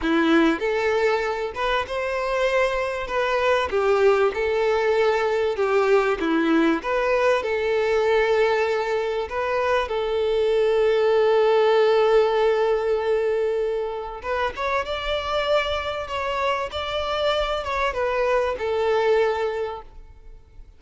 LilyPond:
\new Staff \with { instrumentName = "violin" } { \time 4/4 \tempo 4 = 97 e'4 a'4. b'8 c''4~ | c''4 b'4 g'4 a'4~ | a'4 g'4 e'4 b'4 | a'2. b'4 |
a'1~ | a'2. b'8 cis''8 | d''2 cis''4 d''4~ | d''8 cis''8 b'4 a'2 | }